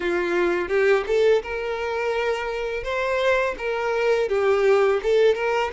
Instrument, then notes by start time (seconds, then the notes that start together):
violin
0.00 F4
0.68 G4
1.06 A4
1.42 A#4
2.83 C5
3.57 A#4
4.29 G4
5.02 A4
5.34 A#4